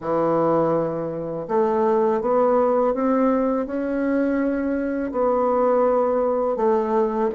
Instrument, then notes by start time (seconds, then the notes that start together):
bassoon
0.00 E3
1.48 A3
2.21 B3
2.93 C4
3.66 C#4
5.11 B3
6.56 A3